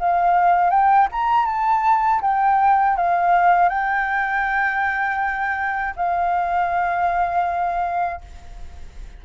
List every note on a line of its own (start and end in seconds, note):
0.00 0.71 F5
0.71 1.08 G5
1.12 1.47 A#5
1.47 2.22 A5
2.22 2.97 G5
2.97 3.70 F5
3.70 5.95 G5
5.97 8.22 F5